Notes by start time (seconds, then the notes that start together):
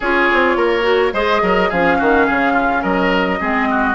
0.00 C#4 F4 G#4 C#5
0.33 C4
0.56 A#3 A#4
0.82 F#4
1.13 G#3 G#4 C5 D#5
1.42 F#3 A#4
1.69 F3 C#4 G#4 F5
1.98 D#3 F#4
2.26 C#3 G#4
2.53 F4
2.82 F#3 A#4 D#5
3.40 G#3 C4 G#4
3.70 F#4